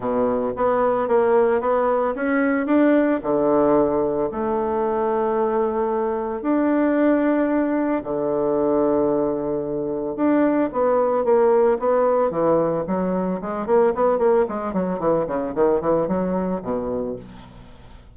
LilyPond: \new Staff \with { instrumentName = "bassoon" } { \time 4/4 \tempo 4 = 112 b,4 b4 ais4 b4 | cis'4 d'4 d2 | a1 | d'2. d4~ |
d2. d'4 | b4 ais4 b4 e4 | fis4 gis8 ais8 b8 ais8 gis8 fis8 | e8 cis8 dis8 e8 fis4 b,4 | }